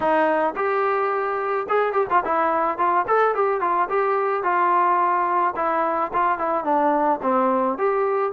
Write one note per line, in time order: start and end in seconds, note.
0.00 0.54 D#4
0.56 1.67 G4
1.68 1.92 G#4
1.92 2.06 G4
2.10 2.23 F4
2.24 2.78 E4
2.78 3.05 F4
3.07 3.35 A4
3.35 3.60 G4
3.60 3.88 F4
3.89 4.43 G4
4.43 5.54 F4
5.56 6.11 E4
6.13 6.38 F4
6.38 6.64 E4
6.64 7.19 D4
7.22 7.78 C4
7.78 8.32 G4